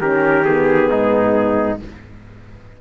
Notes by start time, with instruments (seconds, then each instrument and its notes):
0.00 cello D#3, horn C#4, trumpet G4 A#4
0.44 horn B3, trumpet G#4
0.90 cello G#2, trumpet D#4